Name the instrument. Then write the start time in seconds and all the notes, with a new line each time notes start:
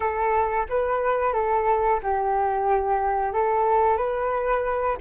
flute
0.00 A4
0.69 B4
1.33 A4
2.02 G4
3.33 A4
3.97 B4